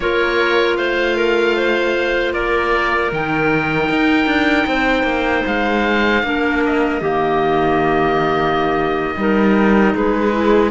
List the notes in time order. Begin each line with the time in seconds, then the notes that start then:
0.00 A#3 F4 A#4 C#5
0.76 A3 C5 F5
1.17 A#4
1.56 C5
2.33 A#3 A#4 D5
3.11 D#3 D#4 G5
3.89 D#4
4.26 D4
4.66 C4 C5
5.03 A#3
5.46 G#3 F5
6.23 A#3 D4 A#4
6.65 D#5
7.00 D#3 A#3 G4
9.16 G3 D#4 A#4
9.93 G#3 G#4 B4
10.31 E4